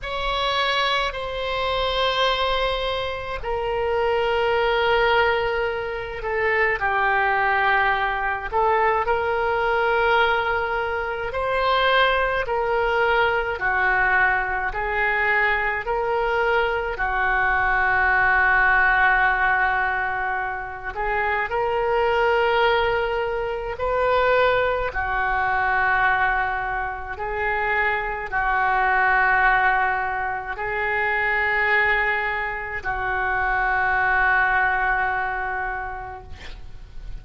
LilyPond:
\new Staff \with { instrumentName = "oboe" } { \time 4/4 \tempo 4 = 53 cis''4 c''2 ais'4~ | ais'4. a'8 g'4. a'8 | ais'2 c''4 ais'4 | fis'4 gis'4 ais'4 fis'4~ |
fis'2~ fis'8 gis'8 ais'4~ | ais'4 b'4 fis'2 | gis'4 fis'2 gis'4~ | gis'4 fis'2. | }